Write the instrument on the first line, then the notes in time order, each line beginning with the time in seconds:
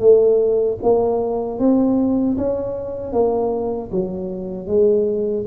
tuba
0.00 A3
0.83 A#3
1.59 C4
2.38 C#4
3.13 A#3
3.92 F#3
4.68 G#3